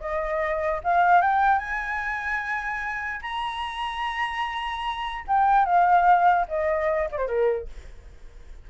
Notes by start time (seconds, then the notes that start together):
0.00 D#5
0.84 F5
1.21 G5
1.58 G#5
3.22 A#5
5.27 G5
5.65 F5
6.48 D#5
7.11 C5 D5
7.27 A#4